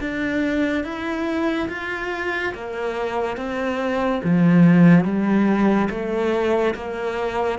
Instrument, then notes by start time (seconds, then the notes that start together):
cello
0.00 D4
0.84 E4
1.68 F4
2.54 A#3
3.36 C4
4.24 F3
5.04 G3
5.90 A3
6.75 A#3